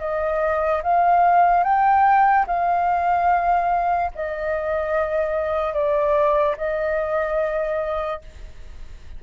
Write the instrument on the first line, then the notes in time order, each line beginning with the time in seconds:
flute
0.00 D#5
0.83 F5
1.64 G5
2.47 F5
4.15 D#5
5.74 D5
6.58 D#5